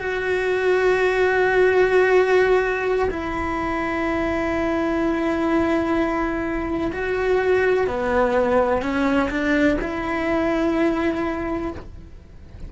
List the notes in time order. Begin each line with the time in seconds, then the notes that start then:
0.00 F#4
3.11 E4
6.92 F#4
7.87 B3
8.83 C#4
9.30 D4
9.82 E4